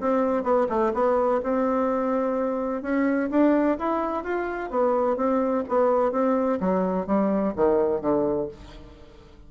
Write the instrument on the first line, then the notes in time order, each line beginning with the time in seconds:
bassoon
0.00 C4
0.43 B3
0.69 A3
0.94 B3
1.43 C4
2.82 C#4
3.30 D4
3.78 E4
4.23 F4
4.70 B3
5.16 C4
5.68 B3
6.11 C4
6.60 F#3
7.06 G3
7.55 D#3
8.01 D3